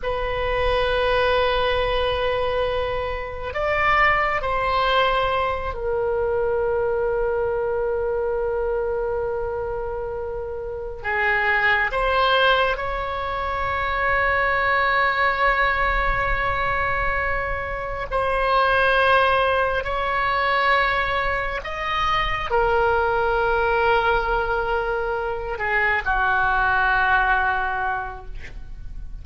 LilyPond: \new Staff \with { instrumentName = "oboe" } { \time 4/4 \tempo 4 = 68 b'1 | d''4 c''4. ais'4.~ | ais'1~ | ais'8 gis'4 c''4 cis''4.~ |
cis''1~ | cis''8 c''2 cis''4.~ | cis''8 dis''4 ais'2~ ais'8~ | ais'4 gis'8 fis'2~ fis'8 | }